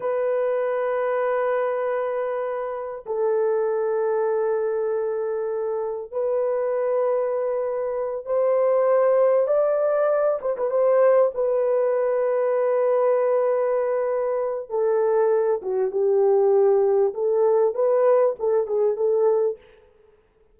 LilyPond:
\new Staff \with { instrumentName = "horn" } { \time 4/4 \tempo 4 = 98 b'1~ | b'4 a'2.~ | a'2 b'2~ | b'4. c''2 d''8~ |
d''4 c''16 b'16 c''4 b'4.~ | b'1 | a'4. fis'8 g'2 | a'4 b'4 a'8 gis'8 a'4 | }